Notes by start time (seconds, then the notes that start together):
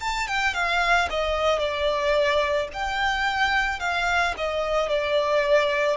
0.00 A5
0.27 G5
0.54 F5
1.10 D#5
1.59 D5
2.73 G5
3.79 F5
4.37 D#5
4.89 D5